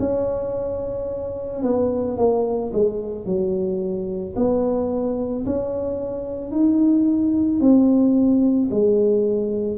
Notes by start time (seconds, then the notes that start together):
0.00 C#4
1.63 B3
2.17 A#3
2.73 G#3
3.26 F#3
4.36 B3
5.45 C#4
6.52 D#4
7.61 C4
8.71 G#3